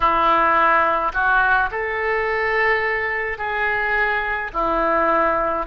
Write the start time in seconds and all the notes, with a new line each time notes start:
0.00 E4
1.13 F#4
1.71 A4
3.38 G#4
4.53 E4